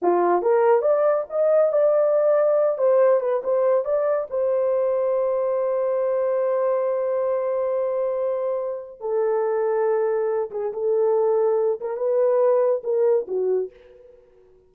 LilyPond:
\new Staff \with { instrumentName = "horn" } { \time 4/4 \tempo 4 = 140 f'4 ais'4 d''4 dis''4 | d''2~ d''8 c''4 b'8 | c''4 d''4 c''2~ | c''1~ |
c''1~ | c''4 a'2.~ | a'8 gis'8 a'2~ a'8 ais'8 | b'2 ais'4 fis'4 | }